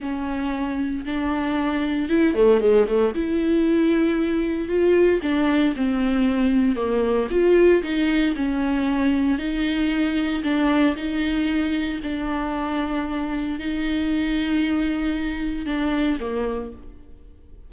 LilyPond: \new Staff \with { instrumentName = "viola" } { \time 4/4 \tempo 4 = 115 cis'2 d'2 | e'8 a8 gis8 a8 e'2~ | e'4 f'4 d'4 c'4~ | c'4 ais4 f'4 dis'4 |
cis'2 dis'2 | d'4 dis'2 d'4~ | d'2 dis'2~ | dis'2 d'4 ais4 | }